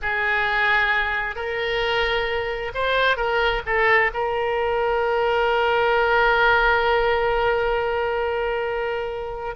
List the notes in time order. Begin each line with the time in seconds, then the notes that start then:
0.01 G#4
1.35 A#4
2.74 C5
3.16 A#4
3.65 A4
4.13 A#4